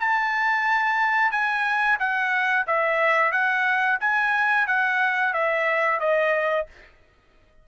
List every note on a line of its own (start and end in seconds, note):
0.00 1.32 A5
1.32 1.98 G#5
1.99 2.66 F#5
2.67 3.32 E5
3.32 3.99 F#5
4.01 4.67 G#5
4.67 5.34 F#5
5.34 6.00 E5
6.00 6.67 D#5